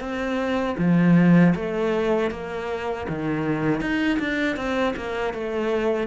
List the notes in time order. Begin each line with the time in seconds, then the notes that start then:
0.00 C4
0.78 F3
1.55 A3
2.31 A#3
3.09 D#3
3.80 D#4
4.19 D4
4.56 C4
4.96 A#3
5.33 A3